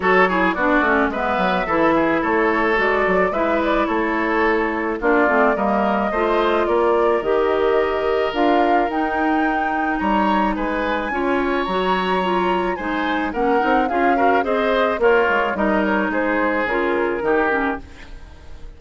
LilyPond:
<<
  \new Staff \with { instrumentName = "flute" } { \time 4/4 \tempo 4 = 108 cis''4 d''4 e''2 | cis''4 d''4 e''8 d''8 cis''4~ | cis''4 d''4 dis''2 | d''4 dis''2 f''4 |
g''2 ais''4 gis''4~ | gis''4 ais''2 gis''4 | fis''4 f''4 dis''4 cis''4 | dis''8 cis''8 c''4 ais'2 | }
  \new Staff \with { instrumentName = "oboe" } { \time 4/4 a'8 gis'8 fis'4 b'4 a'8 gis'8 | a'2 b'4 a'4~ | a'4 f'4 ais'4 c''4 | ais'1~ |
ais'2 cis''4 b'4 | cis''2. c''4 | ais'4 gis'8 ais'8 c''4 f'4 | ais'4 gis'2 g'4 | }
  \new Staff \with { instrumentName = "clarinet" } { \time 4/4 fis'8 e'8 d'8 cis'8 b4 e'4~ | e'4 fis'4 e'2~ | e'4 d'8 c'8 ais4 f'4~ | f'4 g'2 f'4 |
dis'1 | f'4 fis'4 f'4 dis'4 | cis'8 dis'8 f'8 fis'8 gis'4 ais'4 | dis'2 f'4 dis'8 cis'8 | }
  \new Staff \with { instrumentName = "bassoon" } { \time 4/4 fis4 b8 a8 gis8 fis8 e4 | a4 gis8 fis8 gis4 a4~ | a4 ais8 a8 g4 a4 | ais4 dis2 d'4 |
dis'2 g4 gis4 | cis'4 fis2 gis4 | ais8 c'8 cis'4 c'4 ais8 gis8 | g4 gis4 cis4 dis4 | }
>>